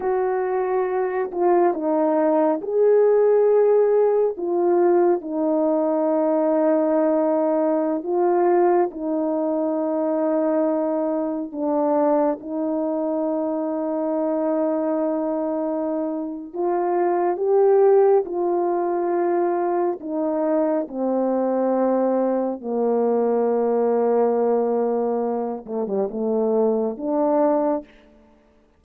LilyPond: \new Staff \with { instrumentName = "horn" } { \time 4/4 \tempo 4 = 69 fis'4. f'8 dis'4 gis'4~ | gis'4 f'4 dis'2~ | dis'4~ dis'16 f'4 dis'4.~ dis'16~ | dis'4~ dis'16 d'4 dis'4.~ dis'16~ |
dis'2. f'4 | g'4 f'2 dis'4 | c'2 ais2~ | ais4. a16 g16 a4 d'4 | }